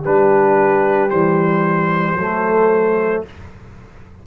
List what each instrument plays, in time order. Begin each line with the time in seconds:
0.00 tuba G3, trombone D4, horn G4, trumpet B4
1.10 tuba E3, trombone G3, trumpet C5
2.14 tuba F#3, trombone A3, horn A4